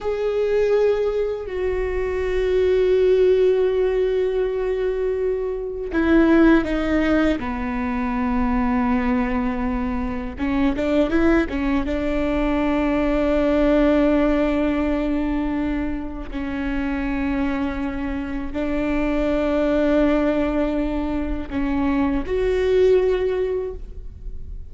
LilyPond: \new Staff \with { instrumentName = "viola" } { \time 4/4 \tempo 4 = 81 gis'2 fis'2~ | fis'1 | e'4 dis'4 b2~ | b2 cis'8 d'8 e'8 cis'8 |
d'1~ | d'2 cis'2~ | cis'4 d'2.~ | d'4 cis'4 fis'2 | }